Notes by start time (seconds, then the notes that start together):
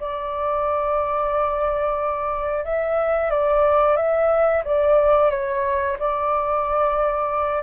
0.00 D5
2.64 E5
3.30 D5
3.96 E5
4.64 D5
5.30 C#5
5.99 D5